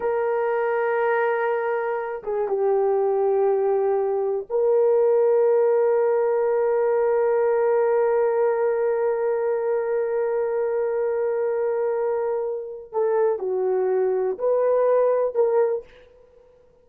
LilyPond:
\new Staff \with { instrumentName = "horn" } { \time 4/4 \tempo 4 = 121 ais'1~ | ais'8 gis'8 g'2.~ | g'4 ais'2.~ | ais'1~ |
ais'1~ | ais'1~ | ais'2 a'4 fis'4~ | fis'4 b'2 ais'4 | }